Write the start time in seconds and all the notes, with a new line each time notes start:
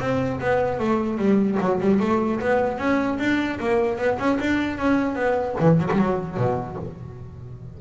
0.00 C4
0.40 B3
0.79 A3
1.18 G3
1.60 F#3
1.81 G3
2.00 A3
2.41 B3
2.78 C#4
3.19 D4
3.60 A#3
3.98 B3
4.19 C#4
4.40 D4
4.78 C#4
5.15 B3
5.60 E3
5.79 F#3
5.91 G3
5.99 F#3
6.37 B2